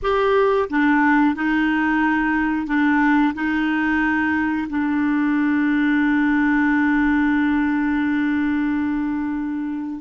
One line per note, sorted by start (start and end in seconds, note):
0.02 0.68 G4
0.69 1.35 D4
1.35 2.67 D#4
2.67 3.33 D4
3.34 4.67 D#4
4.69 10.01 D4